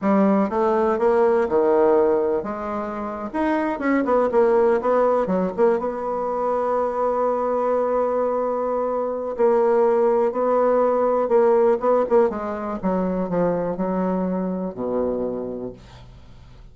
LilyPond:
\new Staff \with { instrumentName = "bassoon" } { \time 4/4 \tempo 4 = 122 g4 a4 ais4 dis4~ | dis4 gis4.~ gis16 dis'4 cis'16~ | cis'16 b8 ais4 b4 fis8 ais8 b16~ | b1~ |
b2. ais4~ | ais4 b2 ais4 | b8 ais8 gis4 fis4 f4 | fis2 b,2 | }